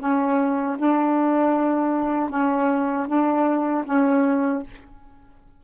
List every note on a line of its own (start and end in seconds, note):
0.00 0.77 C#4
0.79 2.30 D4
2.30 3.07 C#4
3.08 3.85 D4
3.86 4.63 C#4